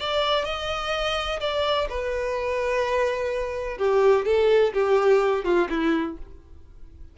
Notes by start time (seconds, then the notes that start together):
0.00 D5
0.45 D#5
1.40 D5
1.90 B4
3.78 G4
4.26 A4
4.74 G4
5.45 F4
5.70 E4